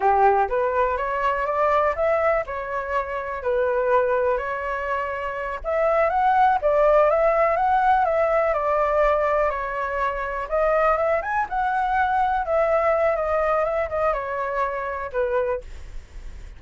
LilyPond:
\new Staff \with { instrumentName = "flute" } { \time 4/4 \tempo 4 = 123 g'4 b'4 cis''4 d''4 | e''4 cis''2 b'4~ | b'4 cis''2~ cis''8 e''8~ | e''8 fis''4 d''4 e''4 fis''8~ |
fis''8 e''4 d''2 cis''8~ | cis''4. dis''4 e''8 gis''8 fis''8~ | fis''4. e''4. dis''4 | e''8 dis''8 cis''2 b'4 | }